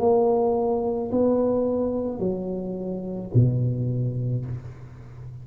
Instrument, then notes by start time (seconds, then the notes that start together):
tuba
0.00 A#3
1.12 B3
2.20 F#3
3.35 B2